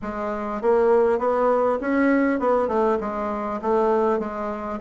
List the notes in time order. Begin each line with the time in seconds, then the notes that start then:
0.01 G#3
0.61 A#3
1.18 B3
1.80 C#4
2.39 B3
2.68 A3
3.00 G#3
3.61 A3
4.19 G#3